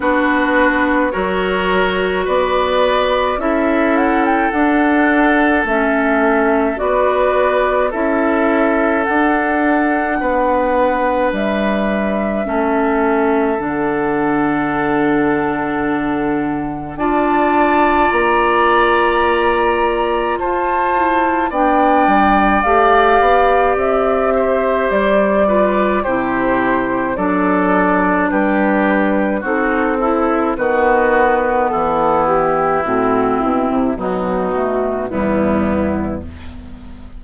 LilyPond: <<
  \new Staff \with { instrumentName = "flute" } { \time 4/4 \tempo 4 = 53 b'4 cis''4 d''4 e''8 fis''16 g''16 | fis''4 e''4 d''4 e''4 | fis''2 e''2 | fis''2. a''4 |
ais''2 a''4 g''4 | f''4 e''4 d''4 c''4 | d''4 b'4 a'4 b'4 | a'8 g'8 fis'8 e'8 fis'4 e'4 | }
  \new Staff \with { instrumentName = "oboe" } { \time 4/4 fis'4 ais'4 b'4 a'4~ | a'2 b'4 a'4~ | a'4 b'2 a'4~ | a'2. d''4~ |
d''2 c''4 d''4~ | d''4. c''4 b'8 g'4 | a'4 g'4 fis'8 e'8 fis'4 | e'2 dis'4 b4 | }
  \new Staff \with { instrumentName = "clarinet" } { \time 4/4 d'4 fis'2 e'4 | d'4 cis'4 fis'4 e'4 | d'2. cis'4 | d'2. f'4~ |
f'2~ f'8 e'8 d'4 | g'2~ g'8 f'8 e'4 | d'2 dis'8 e'8 b4~ | b4 c'4 fis8 a8 g4 | }
  \new Staff \with { instrumentName = "bassoon" } { \time 4/4 b4 fis4 b4 cis'4 | d'4 a4 b4 cis'4 | d'4 b4 g4 a4 | d2. d'4 |
ais2 f'4 b8 g8 | a8 b8 c'4 g4 c4 | fis4 g4 c'4 dis4 | e4 a,8 b,16 c16 b,4 e,4 | }
>>